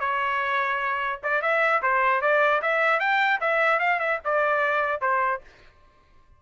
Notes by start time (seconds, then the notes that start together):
0.00 C#5
1.23 D5
1.42 E5
1.83 C5
2.22 D5
2.62 E5
3.00 G5
3.41 E5
3.80 F5
4.00 E5
4.25 D5
5.01 C5